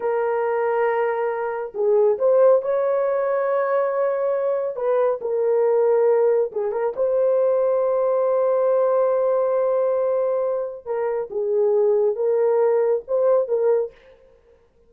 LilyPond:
\new Staff \with { instrumentName = "horn" } { \time 4/4 \tempo 4 = 138 ais'1 | gis'4 c''4 cis''2~ | cis''2. b'4 | ais'2. gis'8 ais'8 |
c''1~ | c''1~ | c''4 ais'4 gis'2 | ais'2 c''4 ais'4 | }